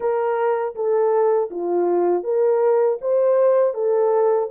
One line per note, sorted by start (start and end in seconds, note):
0.00 0.74 A#4
0.75 1.50 A4
1.50 2.23 F4
2.23 2.98 A#4
3.01 3.74 C5
3.74 4.49 A4